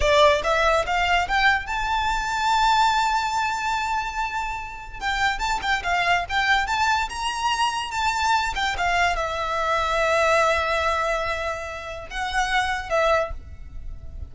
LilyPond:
\new Staff \with { instrumentName = "violin" } { \time 4/4 \tempo 4 = 144 d''4 e''4 f''4 g''4 | a''1~ | a''1 | g''4 a''8 g''8 f''4 g''4 |
a''4 ais''2 a''4~ | a''8 g''8 f''4 e''2~ | e''1~ | e''4 fis''2 e''4 | }